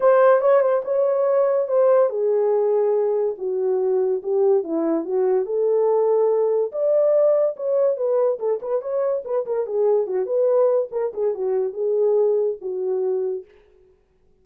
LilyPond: \new Staff \with { instrumentName = "horn" } { \time 4/4 \tempo 4 = 143 c''4 cis''8 c''8 cis''2 | c''4 gis'2. | fis'2 g'4 e'4 | fis'4 a'2. |
d''2 cis''4 b'4 | a'8 b'8 cis''4 b'8 ais'8 gis'4 | fis'8 b'4. ais'8 gis'8 fis'4 | gis'2 fis'2 | }